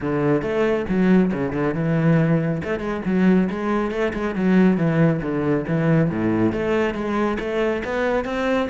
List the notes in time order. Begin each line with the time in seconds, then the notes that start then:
0.00 D3
0.42 A3
0.88 F#3
1.32 C#3
1.52 D3
1.74 E3
2.63 A3
2.79 G#3
3.05 F#3
3.50 G#3
3.91 A3
4.13 G#3
4.35 F#3
4.77 E3
5.22 D3
5.67 E3
6.10 A2
6.52 A3
6.94 G#3
7.39 A3
7.84 B3
8.24 C4